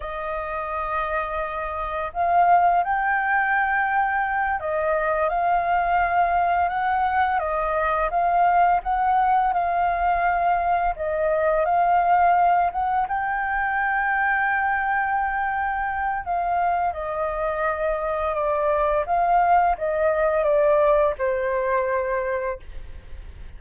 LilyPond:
\new Staff \with { instrumentName = "flute" } { \time 4/4 \tempo 4 = 85 dis''2. f''4 | g''2~ g''8 dis''4 f''8~ | f''4. fis''4 dis''4 f''8~ | f''8 fis''4 f''2 dis''8~ |
dis''8 f''4. fis''8 g''4.~ | g''2. f''4 | dis''2 d''4 f''4 | dis''4 d''4 c''2 | }